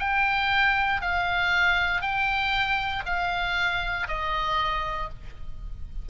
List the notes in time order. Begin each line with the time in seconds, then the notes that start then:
0.00 G5
1.02 F5
2.02 G5
3.06 F5
4.08 D#5